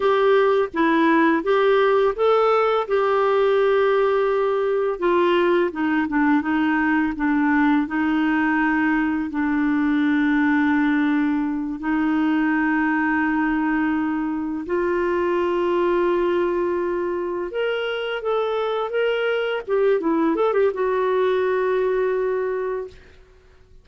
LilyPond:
\new Staff \with { instrumentName = "clarinet" } { \time 4/4 \tempo 4 = 84 g'4 e'4 g'4 a'4 | g'2. f'4 | dis'8 d'8 dis'4 d'4 dis'4~ | dis'4 d'2.~ |
d'8 dis'2.~ dis'8~ | dis'8 f'2.~ f'8~ | f'8 ais'4 a'4 ais'4 g'8 | e'8 a'16 g'16 fis'2. | }